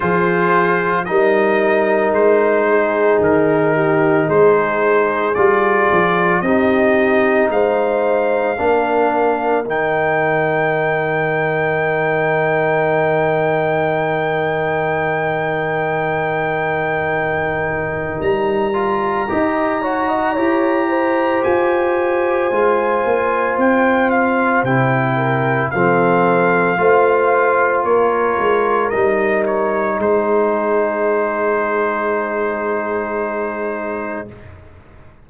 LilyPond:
<<
  \new Staff \with { instrumentName = "trumpet" } { \time 4/4 \tempo 4 = 56 c''4 dis''4 c''4 ais'4 | c''4 d''4 dis''4 f''4~ | f''4 g''2.~ | g''1~ |
g''4 ais''2. | gis''2 g''8 f''8 g''4 | f''2 cis''4 dis''8 cis''8 | c''1 | }
  \new Staff \with { instrumentName = "horn" } { \time 4/4 gis'4 ais'4. gis'4 g'8 | gis'2 g'4 c''4 | ais'1~ | ais'1~ |
ais'2 dis''8 cis''16 dis''16 cis''8 c''8~ | c''2.~ c''8 ais'8 | a'4 c''4 ais'2 | gis'1 | }
  \new Staff \with { instrumentName = "trombone" } { \time 4/4 f'4 dis'2.~ | dis'4 f'4 dis'2 | d'4 dis'2.~ | dis'1~ |
dis'4. f'8 g'8 fis'8 g'4~ | g'4 f'2 e'4 | c'4 f'2 dis'4~ | dis'1 | }
  \new Staff \with { instrumentName = "tuba" } { \time 4/4 f4 g4 gis4 dis4 | gis4 g8 f8 c'4 gis4 | ais4 dis2.~ | dis1~ |
dis4 g4 dis'4 e'4 | f'4 gis8 ais8 c'4 c4 | f4 a4 ais8 gis8 g4 | gis1 | }
>>